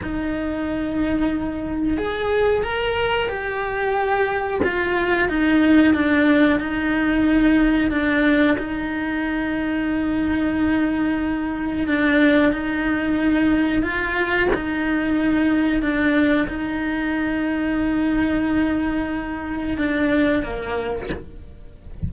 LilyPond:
\new Staff \with { instrumentName = "cello" } { \time 4/4 \tempo 4 = 91 dis'2. gis'4 | ais'4 g'2 f'4 | dis'4 d'4 dis'2 | d'4 dis'2.~ |
dis'2 d'4 dis'4~ | dis'4 f'4 dis'2 | d'4 dis'2.~ | dis'2 d'4 ais4 | }